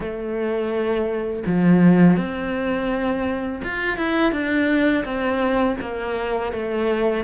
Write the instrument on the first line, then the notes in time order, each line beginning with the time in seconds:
cello
0.00 A3
1.46 F3
2.17 C4
3.64 F4
3.97 E4
4.32 D4
5.04 C4
5.81 A#3
6.52 A3